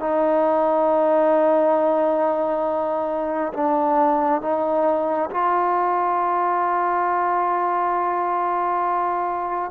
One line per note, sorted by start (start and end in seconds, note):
0.00 3.53 D#4
3.54 4.42 D4
4.42 5.30 D#4
5.31 9.71 F4